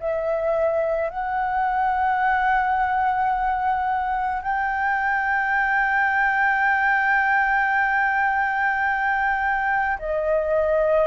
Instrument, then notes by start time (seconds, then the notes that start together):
flute
0.00 E5
1.10 F#5
4.42 G5
9.99 D#5